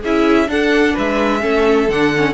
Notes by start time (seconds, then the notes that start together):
0.00 C#4 E4 G#4 E5
0.47 D4 A4 F#5
0.94 G#3 B4 E5
1.40 A3 C#4 A4
1.88 D3 D4 F#5
2.16 C#4